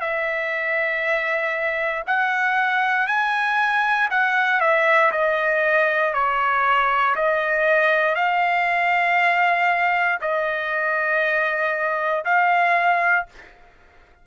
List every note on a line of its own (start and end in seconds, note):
0.00 2.03 E5
2.07 3.07 F#5
3.07 4.09 G#5
4.10 4.60 F#5
4.60 5.11 E5
5.11 6.13 D#5
6.13 7.15 C#5
7.16 8.15 D#5
8.15 10.18 F5
10.21 12.24 D#5
12.24 13.26 F5